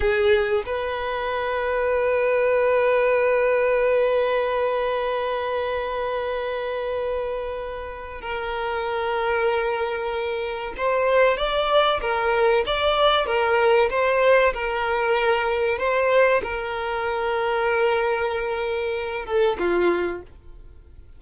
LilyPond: \new Staff \with { instrumentName = "violin" } { \time 4/4 \tempo 4 = 95 gis'4 b'2.~ | b'1~ | b'1~ | b'4 ais'2.~ |
ais'4 c''4 d''4 ais'4 | d''4 ais'4 c''4 ais'4~ | ais'4 c''4 ais'2~ | ais'2~ ais'8 a'8 f'4 | }